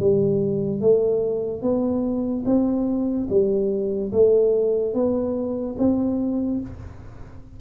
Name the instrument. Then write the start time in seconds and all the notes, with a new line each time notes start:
tuba
0.00 G3
0.81 A3
1.63 B3
2.46 C4
3.30 G3
4.12 A3
4.95 B3
5.79 C4